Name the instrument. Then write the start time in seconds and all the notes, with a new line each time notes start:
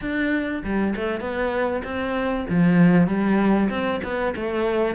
cello
0.01 D4
0.64 G3
0.96 A3
1.20 B3
1.84 C4
2.49 F3
3.07 G3
3.69 C4
4.03 B3
4.36 A3